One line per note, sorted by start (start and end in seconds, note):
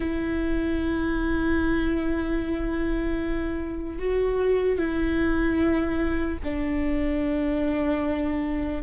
0.00 3.99 E4
3.99 4.78 F#4
4.78 6.38 E4
6.43 8.83 D4